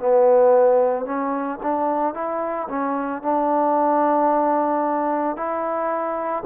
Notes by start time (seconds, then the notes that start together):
0.00 B3
1.06 C#4
1.63 D4
2.15 E4
2.69 C#4
3.22 D4
5.37 E4